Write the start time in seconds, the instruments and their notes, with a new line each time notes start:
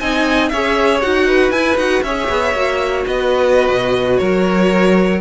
0.00 cello C4, viola D#4, violin D#5 G#5
0.49 cello C#4, viola G#4, violin C#5 E5
1.02 cello D#4, viola F#4, violin F#5
1.28 violin B4
1.51 cello E4, viola E4, violin G#5
1.77 cello D#4, viola F#4, violin F#5
2.03 cello C#4, viola G#4, violin C#5 E5
2.29 cello B3
2.55 cello A#3, viola F#4
3.07 cello B3, violin B4 D#5
3.70 cello B2
4.18 cello F#3, violin A#4 C#5